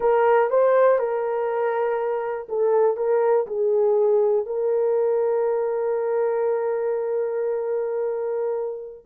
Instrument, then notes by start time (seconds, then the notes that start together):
horn
0.00 A#4
0.50 C5
0.98 A#4
2.48 A4
2.97 A#4
3.46 G#4
4.46 A#4